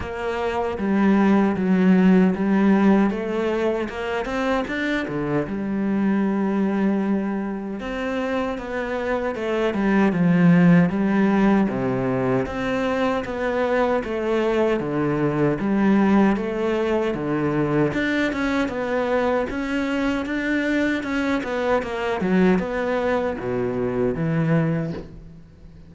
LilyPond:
\new Staff \with { instrumentName = "cello" } { \time 4/4 \tempo 4 = 77 ais4 g4 fis4 g4 | a4 ais8 c'8 d'8 d8 g4~ | g2 c'4 b4 | a8 g8 f4 g4 c4 |
c'4 b4 a4 d4 | g4 a4 d4 d'8 cis'8 | b4 cis'4 d'4 cis'8 b8 | ais8 fis8 b4 b,4 e4 | }